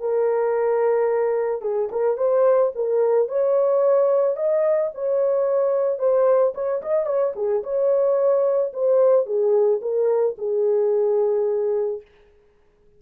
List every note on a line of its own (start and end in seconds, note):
0.00 1.62 A#4
1.62 1.89 G#4
1.92 2.17 A#4
2.17 2.72 C5
2.75 3.29 A#4
3.29 4.36 C#5
4.36 4.91 D#5
4.94 5.99 C#5
5.99 6.53 C5
6.55 6.82 C#5
6.82 7.06 D#5
7.06 7.34 C#5
7.36 7.63 G#4
7.64 8.73 C#5
8.73 9.26 C5
9.26 9.81 G#4
9.82 10.36 A#4
10.38 12.01 G#4